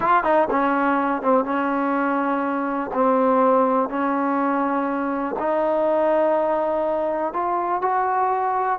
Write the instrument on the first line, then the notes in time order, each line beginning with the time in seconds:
trombone
0.00 F4
0.23 D#4
0.50 C#4
1.22 C4
1.44 C#4
2.93 C4
3.89 C#4
5.38 D#4
7.33 F4
7.81 F#4